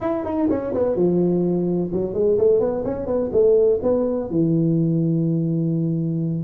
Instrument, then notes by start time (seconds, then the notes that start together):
tuba
0.01 E4
0.24 D#4
0.49 C#4
0.74 B3
0.95 F3
1.92 F#3
2.13 G#3
2.38 A3
2.60 B3
2.84 C#4
3.06 B3
3.32 A3
3.82 B3
4.29 E3